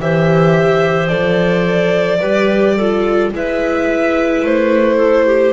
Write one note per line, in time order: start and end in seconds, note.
0.00 1.11 E3
0.00 1.08 G4
0.00 2.20 C5
0.00 1.08 E5
1.08 2.21 F3
1.08 2.19 A4
1.08 3.30 D5
2.20 3.32 G3
2.20 2.78 G4
2.20 2.75 B4
2.76 3.34 F4
2.76 3.32 A4
3.33 4.43 G#3
3.33 5.53 E4
3.33 4.97 B4
3.33 4.46 E5
4.43 5.53 A3
4.43 5.53 C5
4.97 5.24 A4
5.26 5.53 G4